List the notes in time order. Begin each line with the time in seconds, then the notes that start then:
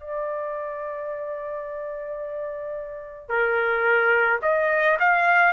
0.00 D5
3.29 A#4
4.42 D#5
5.00 F5